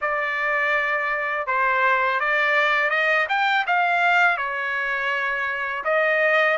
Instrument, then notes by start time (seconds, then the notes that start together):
trumpet
0.01 D5
1.46 C5
2.20 D5
2.89 D#5
3.28 G5
3.66 F5
4.37 C#5
5.84 D#5